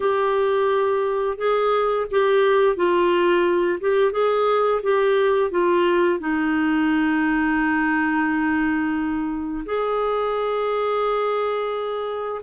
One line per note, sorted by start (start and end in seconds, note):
0.00 1.37 G4
1.37 2.06 G#4
2.10 2.76 G4
2.76 3.79 F4
3.80 4.12 G4
4.12 4.81 G#4
4.82 5.50 G4
5.50 6.19 F4
6.19 9.64 D#4
9.65 12.41 G#4